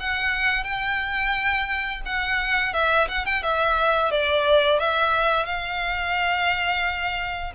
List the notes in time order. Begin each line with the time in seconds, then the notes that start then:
0.00 F#5
0.64 G5
2.05 F#5
2.73 E5
3.08 F#5
3.25 G5
3.43 E5
4.11 D5
4.80 E5
5.46 F5